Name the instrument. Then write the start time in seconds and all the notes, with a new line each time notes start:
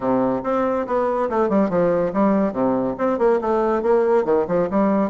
bassoon
0.00 C3
0.43 C4
0.86 B3
1.29 A3
1.49 G3
1.69 F3
2.13 G3
2.52 C3
2.98 C4
3.18 A#3
3.41 A3
3.82 A#3
4.24 D#3
4.47 F3
4.70 G3